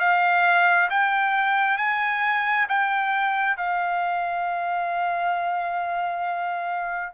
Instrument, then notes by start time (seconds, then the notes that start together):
trumpet
0.00 F5
0.90 G5
1.78 G#5
2.69 G5
3.57 F5